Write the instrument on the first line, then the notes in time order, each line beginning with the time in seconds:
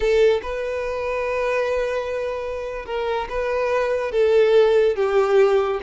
violin
0.00 A4
0.42 B4
2.85 A#4
3.29 B4
4.11 A4
4.96 G4